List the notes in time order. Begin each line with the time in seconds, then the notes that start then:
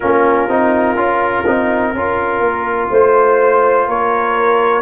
0.00 A#3 C#4 F4 A#4
0.48 C4 D#4
0.95 C#4 F4
1.46 C4 D#4
1.93 C#4 F4 A#4
2.40 A#3
2.90 A3 C5
3.86 A#3 A#4 C#5